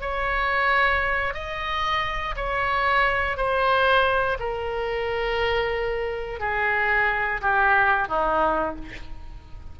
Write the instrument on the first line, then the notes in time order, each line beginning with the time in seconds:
oboe
0.00 C#5
1.33 D#5
2.36 C#5
3.36 C5
4.39 A#4
6.40 G#4
7.41 G4
8.08 D#4